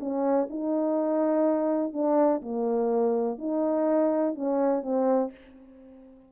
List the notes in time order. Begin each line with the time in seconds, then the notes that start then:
0.00 C#4
0.50 D#4
1.93 D4
2.42 A#3
3.38 D#4
4.35 C#4
4.83 C4